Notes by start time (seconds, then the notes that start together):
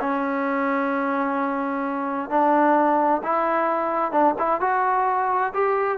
0.00 C#4
2.30 D4
3.23 E4
4.12 D4
4.39 E4
4.60 F#4
5.54 G4